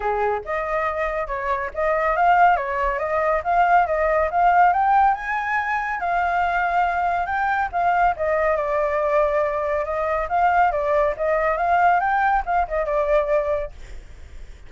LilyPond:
\new Staff \with { instrumentName = "flute" } { \time 4/4 \tempo 4 = 140 gis'4 dis''2 cis''4 | dis''4 f''4 cis''4 dis''4 | f''4 dis''4 f''4 g''4 | gis''2 f''2~ |
f''4 g''4 f''4 dis''4 | d''2. dis''4 | f''4 d''4 dis''4 f''4 | g''4 f''8 dis''8 d''2 | }